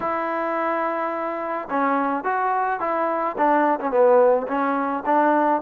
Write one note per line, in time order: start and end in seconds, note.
0.00 1.68 E4
1.70 2.24 C#4
2.24 2.80 F#4
2.80 3.36 E4
3.37 3.79 D4
3.80 3.90 C#4
3.90 4.46 B3
4.47 5.03 C#4
5.05 5.61 D4